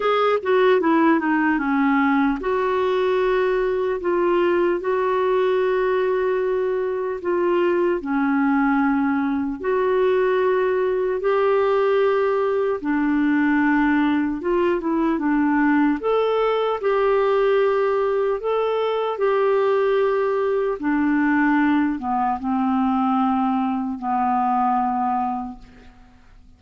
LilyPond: \new Staff \with { instrumentName = "clarinet" } { \time 4/4 \tempo 4 = 75 gis'8 fis'8 e'8 dis'8 cis'4 fis'4~ | fis'4 f'4 fis'2~ | fis'4 f'4 cis'2 | fis'2 g'2 |
d'2 f'8 e'8 d'4 | a'4 g'2 a'4 | g'2 d'4. b8 | c'2 b2 | }